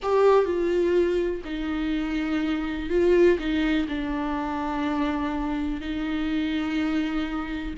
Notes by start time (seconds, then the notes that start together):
0.02 G4
0.45 F4
1.44 D#4
2.89 F4
3.38 D#4
3.88 D4
5.81 D#4